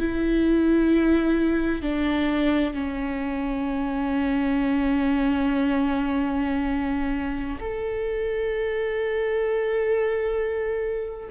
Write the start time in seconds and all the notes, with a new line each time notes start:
0.00 E4
1.83 D4
2.74 C#4
7.61 A4